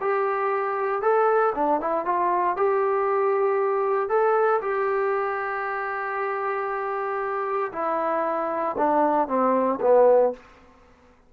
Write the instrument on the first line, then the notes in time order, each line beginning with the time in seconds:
trombone
0.00 G4
1.01 A4
1.55 D4
1.80 E4
2.05 F4
2.56 G4
4.08 A4
4.61 G4
7.72 E4
8.77 D4
9.27 C4
9.81 B3